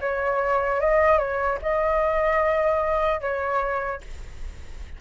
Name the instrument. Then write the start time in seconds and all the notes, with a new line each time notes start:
flute
0.00 C#5
0.80 D#5
1.18 C#5
1.61 D#5
3.20 C#5